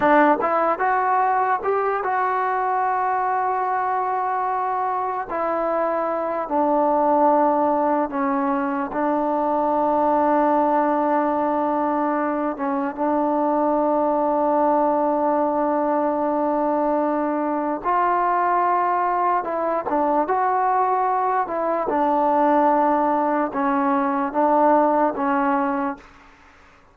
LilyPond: \new Staff \with { instrumentName = "trombone" } { \time 4/4 \tempo 4 = 74 d'8 e'8 fis'4 g'8 fis'4.~ | fis'2~ fis'8 e'4. | d'2 cis'4 d'4~ | d'2.~ d'8 cis'8 |
d'1~ | d'2 f'2 | e'8 d'8 fis'4. e'8 d'4~ | d'4 cis'4 d'4 cis'4 | }